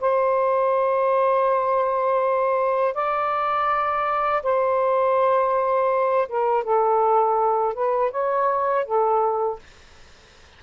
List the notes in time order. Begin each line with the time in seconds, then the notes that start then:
0.00 C5
2.94 D5
4.43 C5
6.28 A#4
6.64 A4
7.74 B4
8.11 C#5
8.85 A4